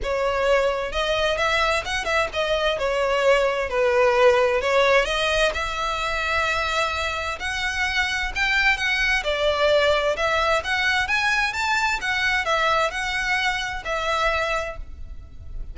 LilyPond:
\new Staff \with { instrumentName = "violin" } { \time 4/4 \tempo 4 = 130 cis''2 dis''4 e''4 | fis''8 e''8 dis''4 cis''2 | b'2 cis''4 dis''4 | e''1 |
fis''2 g''4 fis''4 | d''2 e''4 fis''4 | gis''4 a''4 fis''4 e''4 | fis''2 e''2 | }